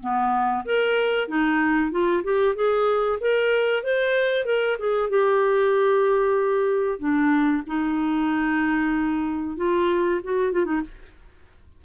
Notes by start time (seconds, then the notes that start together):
0.00 B3
0.65 A#4
1.28 D#4
1.91 F4
2.23 G4
2.55 G#4
3.20 A#4
3.83 C5
4.45 A#4
4.78 G#4
5.09 G4
6.99 D4
7.67 D#4
9.57 F4
10.23 F#4
10.52 F4
10.65 D#4